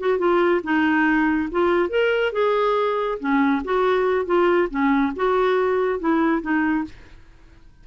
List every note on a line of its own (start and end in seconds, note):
0.00 0.19 F#4
0.19 0.61 F4
0.64 1.50 D#4
1.51 1.90 F4
1.90 2.33 A#4
2.33 3.19 G#4
3.20 3.63 C#4
3.65 4.26 F#4
4.26 4.69 F4
4.70 5.13 C#4
5.16 6.00 F#4
6.00 6.42 E4
6.42 6.85 D#4